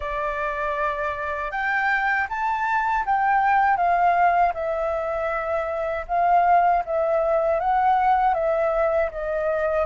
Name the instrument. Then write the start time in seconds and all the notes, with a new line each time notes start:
flute
0.00 D5
1.51 G5
2.29 A5
3.06 G5
3.77 F5
4.54 E5
6.07 F5
6.85 E5
7.59 F#5
8.34 E5
9.11 D#5